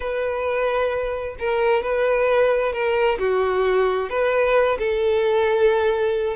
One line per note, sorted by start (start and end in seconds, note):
0.00 1.36 B4
1.39 1.82 A#4
1.82 2.73 B4
2.73 3.18 A#4
3.19 4.09 F#4
4.09 4.77 B4
4.79 6.36 A4